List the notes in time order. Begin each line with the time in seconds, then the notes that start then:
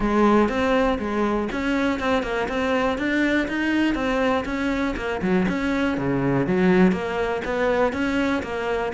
0.00 G#3
0.48 C4
0.98 G#3
1.52 C#4
1.99 C4
2.22 A#3
2.48 C4
2.98 D4
3.48 D#4
3.94 C4
4.45 C#4
4.96 A#3
5.22 F#3
5.48 C#4
5.97 C#3
6.47 F#3
6.92 A#3
7.44 B3
7.92 C#4
8.43 A#3